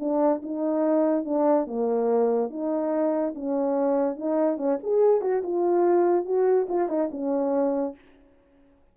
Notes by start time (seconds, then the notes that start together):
0.00 D4
0.43 D#4
1.25 D4
1.67 A#3
2.51 D#4
3.35 C#4
4.17 D#4
4.58 C#4
4.84 G#4
5.22 F#4
5.44 F4
6.26 F#4
6.69 F4
6.89 D#4
7.12 C#4